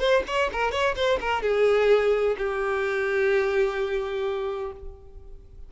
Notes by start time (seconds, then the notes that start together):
0.00 C5
0.27 C#5
0.53 A#4
0.72 C#5
0.96 C5
1.21 A#4
1.43 G#4
2.38 G4